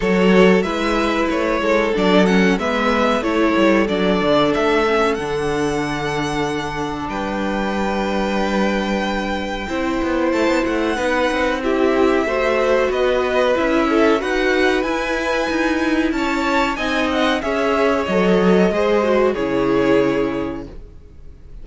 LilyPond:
<<
  \new Staff \with { instrumentName = "violin" } { \time 4/4 \tempo 4 = 93 cis''4 e''4 cis''4 d''8 fis''8 | e''4 cis''4 d''4 e''4 | fis''2. g''4~ | g''1 |
a''8 fis''4. e''2 | dis''4 e''4 fis''4 gis''4~ | gis''4 a''4 gis''8 fis''8 e''4 | dis''2 cis''2 | }
  \new Staff \with { instrumentName = "violin" } { \time 4/4 a'4 b'4. a'4. | b'4 a'2.~ | a'2. b'4~ | b'2. c''4~ |
c''4 b'4 g'4 c''4 | b'4. a'8 b'2~ | b'4 cis''4 dis''4 cis''4~ | cis''4 c''4 gis'2 | }
  \new Staff \with { instrumentName = "viola" } { \time 4/4 fis'4 e'2 d'8 cis'8 | b4 e'4 d'4. cis'8 | d'1~ | d'2. e'4~ |
e'4 dis'4 e'4 fis'4~ | fis'4 e'4 fis'4 e'4~ | e'2 dis'4 gis'4 | a'4 gis'8 fis'8 e'2 | }
  \new Staff \with { instrumentName = "cello" } { \time 4/4 fis4 gis4 a8 gis8 fis4 | gis4 a8 g8 fis8 d8 a4 | d2. g4~ | g2. c'8 b8 |
a16 b16 a8 b8 c'4. a4 | b4 cis'4 dis'4 e'4 | dis'4 cis'4 c'4 cis'4 | fis4 gis4 cis2 | }
>>